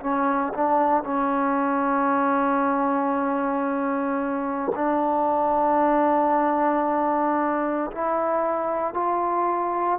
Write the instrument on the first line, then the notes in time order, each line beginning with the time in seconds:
trombone
0.00 C#4
0.54 D4
1.03 C#4
4.75 D4
7.91 E4
8.94 F4